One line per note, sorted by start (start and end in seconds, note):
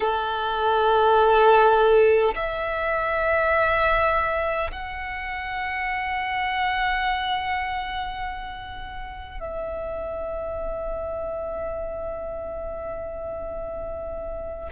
0.00 2.34 A4
2.35 4.71 E5
4.71 9.40 F#5
9.40 14.69 E5